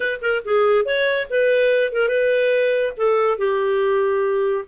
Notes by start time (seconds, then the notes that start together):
0.00 B4
0.21 A#4
0.45 G#4
0.85 C#5
1.29 B4
1.92 A#4
2.08 B4
2.97 A4
3.38 G4